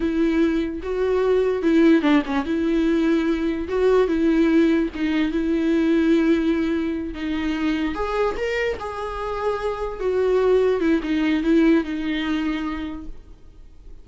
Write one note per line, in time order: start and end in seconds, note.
0.00 0.81 E4
0.83 1.62 F#4
1.62 2.02 E4
2.02 2.22 D4
2.25 2.45 C#4
2.45 3.67 E4
3.68 4.07 F#4
4.07 4.89 E4
4.94 5.31 D#4
5.31 7.14 E4
7.14 7.94 D#4
7.94 8.35 G#4
8.37 8.77 A#4
8.79 9.99 G#4
9.99 10.80 F#4
10.80 11.00 E4
11.02 11.43 D#4
11.43 11.83 E4
11.83 13.06 D#4